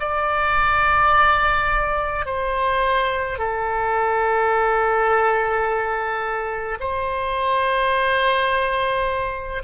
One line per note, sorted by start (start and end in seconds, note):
0.00 2.26 D5
2.26 3.39 C5
3.39 6.78 A4
6.80 9.63 C5